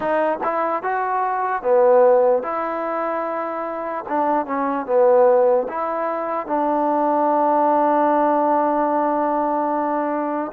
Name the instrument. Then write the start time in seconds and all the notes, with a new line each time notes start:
trombone
0.00 D#4
0.43 E4
0.82 F#4
1.62 B3
2.43 E4
4.08 D4
4.46 C#4
4.86 B3
5.68 E4
6.46 D4